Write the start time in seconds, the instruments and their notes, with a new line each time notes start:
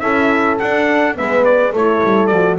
0.00 double bass C#4, horn E4 A4, trumpet E5
0.59 double bass D4, horn D4, trumpet F#5
1.15 double bass G#3, horn B3 B4, trumpet E5
1.45 trumpet D5
1.73 double bass A3, horn E4 A4, trumpet C#5
2.04 double bass G3
2.27 double bass F3, horn F#4, trumpet D5